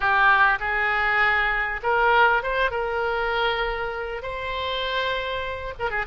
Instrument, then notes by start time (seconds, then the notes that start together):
oboe
0.00 G4
0.59 G#4
1.83 A#4
2.42 C5
2.71 A#4
4.22 C5
5.79 A#4
5.90 G#4